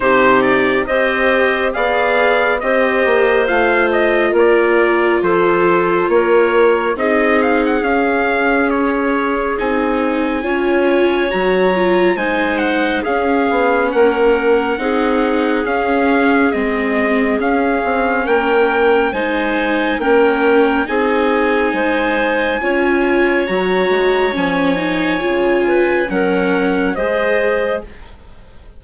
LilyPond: <<
  \new Staff \with { instrumentName = "trumpet" } { \time 4/4 \tempo 4 = 69 c''8 d''8 dis''4 f''4 dis''4 | f''8 dis''8 d''4 c''4 cis''4 | dis''8 f''16 fis''16 f''4 cis''4 gis''4~ | gis''4 ais''4 gis''8 fis''8 f''4 |
fis''2 f''4 dis''4 | f''4 g''4 gis''4 g''4 | gis''2. ais''4 | gis''2 fis''4 dis''4 | }
  \new Staff \with { instrumentName = "clarinet" } { \time 4/4 g'4 c''4 d''4 c''4~ | c''4 ais'4 a'4 ais'4 | gis'1 | cis''2 c''4 gis'4 |
ais'4 gis'2.~ | gis'4 ais'4 c''4 ais'4 | gis'4 c''4 cis''2~ | cis''4. b'8 ais'4 c''4 | }
  \new Staff \with { instrumentName = "viola" } { \time 4/4 dis'4 g'4 gis'4 g'4 | f'1 | dis'4 cis'2 dis'4 | f'4 fis'8 f'8 dis'4 cis'4~ |
cis'4 dis'4 cis'4 c'4 | cis'2 dis'4 cis'4 | dis'2 f'4 fis'4 | cis'8 dis'8 f'4 cis'4 gis'4 | }
  \new Staff \with { instrumentName = "bassoon" } { \time 4/4 c4 c'4 b4 c'8 ais8 | a4 ais4 f4 ais4 | c'4 cis'2 c'4 | cis'4 fis4 gis4 cis'8 b8 |
ais4 c'4 cis'4 gis4 | cis'8 c'8 ais4 gis4 ais4 | c'4 gis4 cis'4 fis8 gis8 | f4 cis4 fis4 gis4 | }
>>